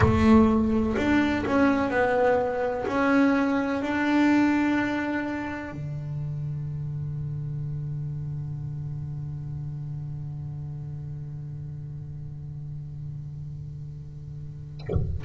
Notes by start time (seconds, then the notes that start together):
0.00 A3
0.97 D4
1.45 C#4
1.90 B3
2.87 C#4
3.82 D4
5.71 D3